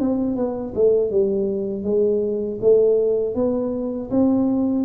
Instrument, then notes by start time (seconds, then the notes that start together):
tuba
0.00 C4
0.36 B3
0.75 A3
1.11 G3
1.84 G#3
2.61 A3
3.35 B3
4.11 C4